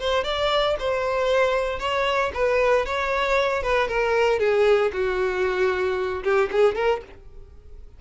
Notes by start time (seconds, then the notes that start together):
0.00 C5
0.24 D5
0.79 C5
1.80 C#5
2.34 B4
2.86 C#5
3.63 B4
3.88 A#4
4.40 G#4
4.93 F#4
6.24 G4
6.52 G#4
6.75 A#4